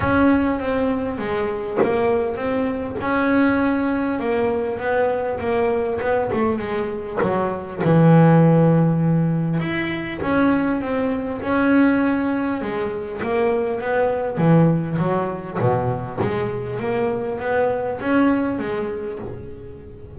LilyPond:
\new Staff \with { instrumentName = "double bass" } { \time 4/4 \tempo 4 = 100 cis'4 c'4 gis4 ais4 | c'4 cis'2 ais4 | b4 ais4 b8 a8 gis4 | fis4 e2. |
e'4 cis'4 c'4 cis'4~ | cis'4 gis4 ais4 b4 | e4 fis4 b,4 gis4 | ais4 b4 cis'4 gis4 | }